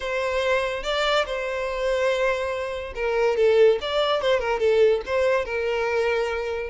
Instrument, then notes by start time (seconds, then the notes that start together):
violin
0.00 C5
0.83 D5
1.25 C5
2.95 A#4
3.36 A4
3.81 D5
4.21 C5
4.39 A#4
4.59 A4
5.06 C5
5.45 A#4